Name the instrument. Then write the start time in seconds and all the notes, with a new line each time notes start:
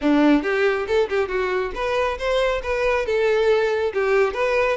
violin
0.01 D4
0.42 G4
0.87 A4
1.09 G4
1.28 F#4
1.74 B4
2.18 C5
2.63 B4
3.06 A4
3.93 G4
4.33 B4